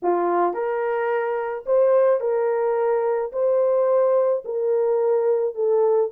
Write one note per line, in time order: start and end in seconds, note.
0.02 0.53 F4
0.53 1.64 A#4
1.66 2.20 C5
2.20 3.31 A#4
3.32 4.43 C5
4.44 5.54 A#4
5.54 6.10 A4